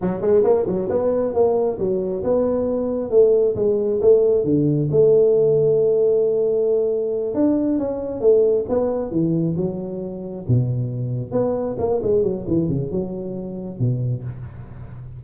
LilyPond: \new Staff \with { instrumentName = "tuba" } { \time 4/4 \tempo 4 = 135 fis8 gis8 ais8 fis8 b4 ais4 | fis4 b2 a4 | gis4 a4 d4 a4~ | a1~ |
a8 d'4 cis'4 a4 b8~ | b8 e4 fis2 b,8~ | b,4. b4 ais8 gis8 fis8 | e8 cis8 fis2 b,4 | }